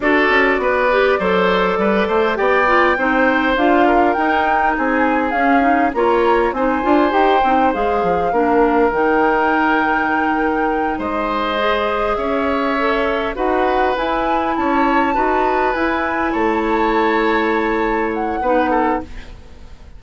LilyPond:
<<
  \new Staff \with { instrumentName = "flute" } { \time 4/4 \tempo 4 = 101 d''1 | g''2 f''4 g''4 | gis''4 f''4 ais''4 gis''4 | g''4 f''2 g''4~ |
g''2~ g''8 dis''4.~ | dis''8 e''2 fis''4 gis''8~ | gis''8 a''2 gis''4 a''8~ | a''2~ a''8 fis''4. | }
  \new Staff \with { instrumentName = "oboe" } { \time 4/4 a'4 b'4 c''4 b'8 c''8 | d''4 c''4. ais'4. | gis'2 cis''4 c''4~ | c''2 ais'2~ |
ais'2~ ais'8 c''4.~ | c''8 cis''2 b'4.~ | b'8 cis''4 b'2 cis''8~ | cis''2. b'8 a'8 | }
  \new Staff \with { instrumentName = "clarinet" } { \time 4/4 fis'4. g'8 a'2 | g'8 f'8 dis'4 f'4 dis'4~ | dis'4 cis'8 dis'8 f'4 dis'8 f'8 | g'8 dis'8 gis'4 d'4 dis'4~ |
dis'2.~ dis'8 gis'8~ | gis'4. a'4 fis'4 e'8~ | e'4. fis'4 e'4.~ | e'2. dis'4 | }
  \new Staff \with { instrumentName = "bassoon" } { \time 4/4 d'8 cis'8 b4 fis4 g8 a8 | b4 c'4 d'4 dis'4 | c'4 cis'4 ais4 c'8 d'8 | dis'8 c'8 gis8 f8 ais4 dis4~ |
dis2~ dis8 gis4.~ | gis8 cis'2 dis'4 e'8~ | e'8 cis'4 dis'4 e'4 a8~ | a2. b4 | }
>>